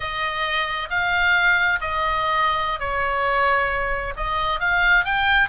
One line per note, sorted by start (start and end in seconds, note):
0.00 0.89 D#5
0.90 1.79 F5
1.80 2.79 D#5
2.79 4.13 C#5
4.16 4.60 D#5
4.60 5.05 F5
5.05 5.49 G5